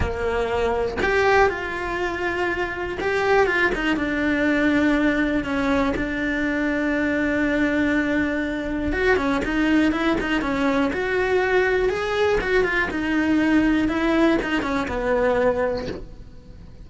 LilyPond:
\new Staff \with { instrumentName = "cello" } { \time 4/4 \tempo 4 = 121 ais2 g'4 f'4~ | f'2 g'4 f'8 dis'8 | d'2. cis'4 | d'1~ |
d'2 fis'8 cis'8 dis'4 | e'8 dis'8 cis'4 fis'2 | gis'4 fis'8 f'8 dis'2 | e'4 dis'8 cis'8 b2 | }